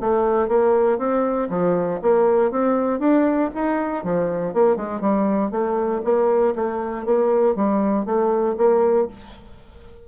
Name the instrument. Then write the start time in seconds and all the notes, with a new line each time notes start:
bassoon
0.00 A3
0.48 A#3
0.98 C4
1.50 F3
2.02 A#3
2.51 C4
3.00 D4
3.55 D#4
4.04 F3
4.53 A#3
4.76 G#3
5.01 G3
5.51 A3
6.04 A#3
6.55 A3
7.05 A#3
7.55 G3
8.05 A3
8.57 A#3